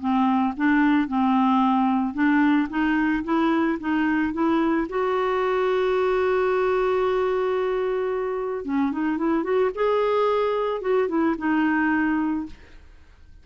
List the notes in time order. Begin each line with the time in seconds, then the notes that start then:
0.00 C4
0.57 D4
1.08 C4
2.14 D4
2.70 D#4
3.24 E4
3.80 D#4
4.33 E4
4.89 F#4
8.65 C#4
8.92 D#4
9.18 E4
9.44 F#4
9.75 G#4
10.81 F#4
11.09 E4
11.38 D#4